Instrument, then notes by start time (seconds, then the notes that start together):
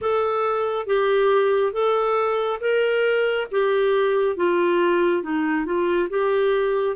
clarinet
0.01 A4
0.86 G4
1.72 A4
2.60 A#4
3.51 G4
4.36 F4
5.22 D#4
5.65 F4
6.09 G4